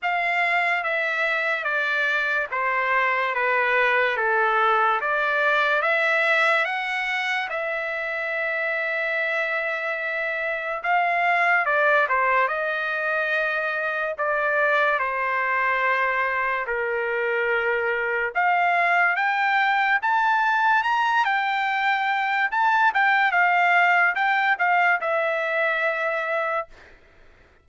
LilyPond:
\new Staff \with { instrumentName = "trumpet" } { \time 4/4 \tempo 4 = 72 f''4 e''4 d''4 c''4 | b'4 a'4 d''4 e''4 | fis''4 e''2.~ | e''4 f''4 d''8 c''8 dis''4~ |
dis''4 d''4 c''2 | ais'2 f''4 g''4 | a''4 ais''8 g''4. a''8 g''8 | f''4 g''8 f''8 e''2 | }